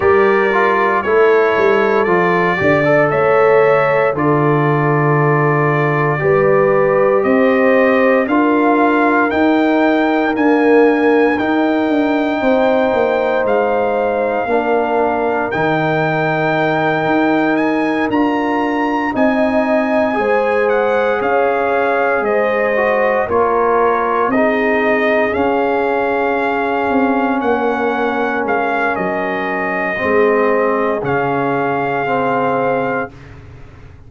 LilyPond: <<
  \new Staff \with { instrumentName = "trumpet" } { \time 4/4 \tempo 4 = 58 d''4 cis''4 d''4 e''4 | d''2. dis''4 | f''4 g''4 gis''4 g''4~ | g''4 f''2 g''4~ |
g''4 gis''8 ais''4 gis''4. | fis''8 f''4 dis''4 cis''4 dis''8~ | dis''8 f''2 fis''4 f''8 | dis''2 f''2 | }
  \new Staff \with { instrumentName = "horn" } { \time 4/4 ais'4 a'4. d''8 cis''4 | a'2 b'4 c''4 | ais'1 | c''2 ais'2~ |
ais'2~ ais'8 dis''4 c''8~ | c''8 cis''4 c''4 ais'4 gis'8~ | gis'2~ gis'8 ais'4.~ | ais'4 gis'2. | }
  \new Staff \with { instrumentName = "trombone" } { \time 4/4 g'8 f'8 e'4 f'8 g'16 a'4~ a'16 | f'2 g'2 | f'4 dis'4 ais4 dis'4~ | dis'2 d'4 dis'4~ |
dis'4. f'4 dis'4 gis'8~ | gis'2 fis'8 f'4 dis'8~ | dis'8 cis'2.~ cis'8~ | cis'4 c'4 cis'4 c'4 | }
  \new Staff \with { instrumentName = "tuba" } { \time 4/4 g4 a8 g8 f8 d8 a4 | d2 g4 c'4 | d'4 dis'4 d'4 dis'8 d'8 | c'8 ais8 gis4 ais4 dis4~ |
dis8 dis'4 d'4 c'4 gis8~ | gis8 cis'4 gis4 ais4 c'8~ | c'8 cis'4. c'8 ais4 gis8 | fis4 gis4 cis2 | }
>>